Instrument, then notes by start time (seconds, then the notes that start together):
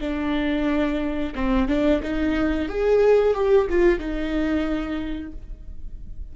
viola
0.00 D4
1.35 C4
1.68 D4
2.02 D#4
2.68 G#4
3.34 G4
3.70 F4
3.99 D#4